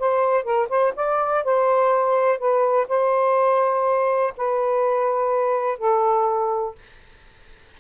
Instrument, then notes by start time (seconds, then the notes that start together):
saxophone
0.00 C5
0.44 A#4
0.70 C5
0.96 D5
1.45 C5
2.39 B4
2.89 C5
4.38 B4
5.79 A4